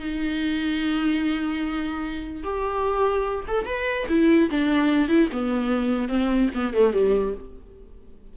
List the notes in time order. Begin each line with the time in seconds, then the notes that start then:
0.00 D#4
2.44 G4
3.48 A4
3.67 B4
4.09 E4
4.51 D4
5.09 E4
5.33 B3
6.09 C4
6.55 B3
6.74 A3
6.94 G3